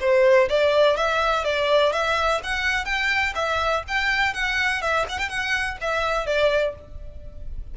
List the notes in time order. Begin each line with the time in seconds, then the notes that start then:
0.00 C5
0.49 D5
0.96 E5
1.44 D5
1.92 E5
2.43 F#5
2.85 G5
3.35 E5
3.88 G5
4.34 F#5
4.81 E5
5.09 F#5
5.18 G5
5.29 F#5
5.81 E5
6.26 D5